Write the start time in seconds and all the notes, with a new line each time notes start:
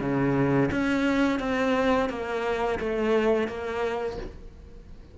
0.00 C#3
0.71 C#4
1.39 C4
2.09 A#3
2.79 A3
3.47 A#3